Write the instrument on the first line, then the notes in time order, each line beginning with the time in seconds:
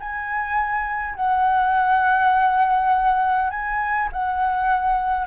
flute
0.00 G#5
1.16 F#5
3.51 G#5
4.12 F#5